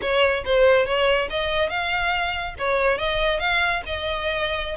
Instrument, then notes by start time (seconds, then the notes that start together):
violin
0.01 C#5
0.45 C5
0.85 C#5
1.29 D#5
1.69 F5
2.58 C#5
2.97 D#5
3.39 F5
3.85 D#5